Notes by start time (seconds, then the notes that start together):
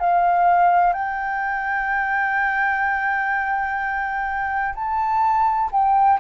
0.00 F5
0.94 G5
4.75 A5
5.72 G5